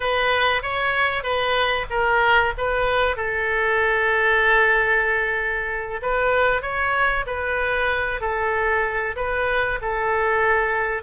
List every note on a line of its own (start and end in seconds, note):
0.00 0.62 B4
0.62 1.23 C#5
1.23 1.86 B4
1.89 2.53 A#4
2.57 3.16 B4
3.16 6.00 A4
6.02 6.61 B4
6.61 7.25 C#5
7.26 8.20 B4
8.20 9.15 A4
9.16 9.79 B4
9.81 11.02 A4